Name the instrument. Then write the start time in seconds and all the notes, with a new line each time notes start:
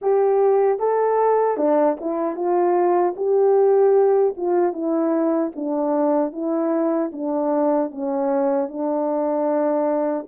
horn
0.01 G4
0.79 A4
1.57 D4
2.00 E4
2.35 F4
3.16 G4
4.36 F4
4.72 E4
5.55 D4
6.32 E4
7.12 D4
7.91 C#4
8.68 D4